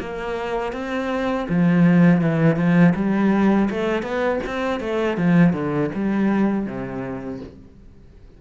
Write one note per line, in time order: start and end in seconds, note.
0.00 0.73 A#3
0.73 1.47 C4
1.49 2.21 F3
2.21 2.57 E3
2.57 2.94 F3
2.95 3.69 G3
3.70 4.03 A3
4.03 4.40 B3
4.47 4.81 C4
4.81 5.18 A3
5.18 5.54 F3
5.54 5.91 D3
5.95 6.67 G3
6.67 7.41 C3